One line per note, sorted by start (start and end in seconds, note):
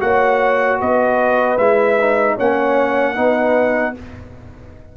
0.00 0.81 A#3
0.00 1.58 F#4
0.00 0.80 C#5
0.00 0.80 F#5
0.80 1.58 B3
0.80 2.36 B4
0.80 1.58 D#5
1.58 2.37 G#3
1.58 2.00 E4
1.58 2.37 E5
2.00 2.39 D#4
2.36 3.18 A#3
2.36 3.16 C#4
2.36 3.15 C#5
2.36 3.97 F#5
3.15 3.97 B3
3.15 3.95 D#4
3.15 3.94 B4